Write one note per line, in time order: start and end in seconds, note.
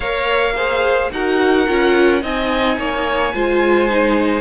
0.00 1.11 A#3
0.00 0.56 A#4
0.00 0.53 C#5
0.00 1.10 F5
0.55 1.11 G#4
0.55 1.11 C5
1.11 1.67 D#4
1.11 1.67 F#4
1.11 2.22 A#4
1.11 2.23 F#5
1.67 2.22 C#4
1.67 2.20 F4
2.20 2.77 C4
2.20 3.31 D#4
2.20 2.78 D#5
2.20 4.40 G#5
2.77 3.33 A#3
2.77 3.34 C#5
3.34 4.40 G#3
3.34 3.89 F4
3.34 4.40 C5
3.89 4.40 D#4